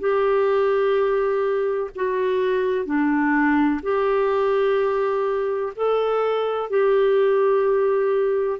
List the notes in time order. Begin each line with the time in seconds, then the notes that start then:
0.00 G4
1.96 F#4
2.86 D4
3.83 G4
5.76 A4
6.70 G4